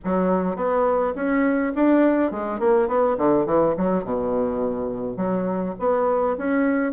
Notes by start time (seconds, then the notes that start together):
0.04 F#3
0.56 B3
1.15 C#4
1.75 D4
2.31 G#3
2.59 A#3
2.88 B3
3.17 D3
3.45 E3
3.77 F#3
4.04 B2
5.17 F#3
5.79 B3
6.37 C#4